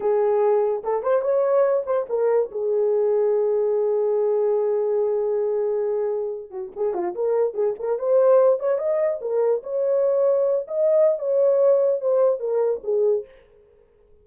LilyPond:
\new Staff \with { instrumentName = "horn" } { \time 4/4 \tempo 4 = 145 gis'2 a'8 c''8 cis''4~ | cis''8 c''8 ais'4 gis'2~ | gis'1~ | gis'2.~ gis'8. fis'16~ |
fis'16 gis'8 f'8 ais'4 gis'8 ais'8 c''8.~ | c''8. cis''8 dis''4 ais'4 cis''8.~ | cis''4.~ cis''16 dis''4~ dis''16 cis''4~ | cis''4 c''4 ais'4 gis'4 | }